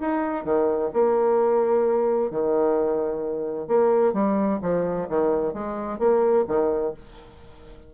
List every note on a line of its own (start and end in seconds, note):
0.00 0.44 D#4
0.44 0.90 D#3
0.93 2.31 A#3
2.31 3.67 D#3
3.67 4.13 A#3
4.13 4.59 G3
4.62 5.08 F3
5.08 5.53 D#3
5.53 5.99 G#3
5.99 6.45 A#3
6.47 6.93 D#3